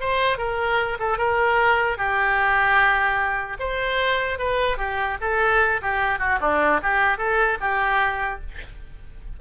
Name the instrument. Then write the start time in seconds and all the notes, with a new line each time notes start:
oboe
0.00 C5
0.37 A#4
0.99 A4
1.17 A#4
1.97 G4
3.59 C5
4.38 B4
4.77 G4
5.21 A4
5.82 G4
6.19 F#4
6.40 D4
6.82 G4
7.18 A4
7.60 G4